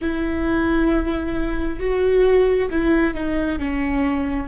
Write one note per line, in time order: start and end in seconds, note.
0.01 1.79 E4
1.79 2.69 F#4
2.69 3.13 E4
3.13 3.58 D#4
3.58 4.48 C#4